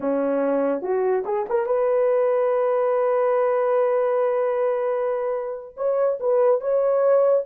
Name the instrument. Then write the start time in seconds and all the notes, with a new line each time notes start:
horn
0.00 C#4
0.81 F#4
1.25 G#4
1.49 A#4
1.66 B4
5.76 C#5
6.20 B4
6.60 C#5